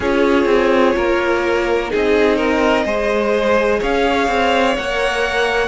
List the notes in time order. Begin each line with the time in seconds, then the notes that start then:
0.00 C#4 F4 G#4 C#5
0.45 C4
0.95 A#3 A#4
1.88 C4 D#4 G#4 D#5
2.36 A#4
2.85 G#3 G#4 C5
3.79 C#4 C#5 F5
4.27 C4
4.76 A#3 A#4 F#5